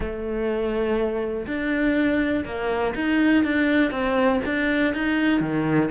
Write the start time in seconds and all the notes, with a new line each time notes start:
0.00 A3
1.46 D4
2.45 A#3
2.95 D#4
3.43 D4
3.91 C4
4.45 D4
4.94 D#4
5.40 D#3